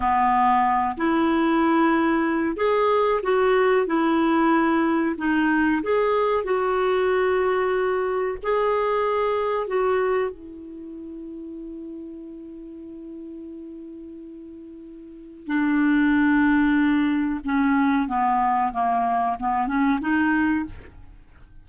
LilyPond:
\new Staff \with { instrumentName = "clarinet" } { \time 4/4 \tempo 4 = 93 b4. e'2~ e'8 | gis'4 fis'4 e'2 | dis'4 gis'4 fis'2~ | fis'4 gis'2 fis'4 |
e'1~ | e'1 | d'2. cis'4 | b4 ais4 b8 cis'8 dis'4 | }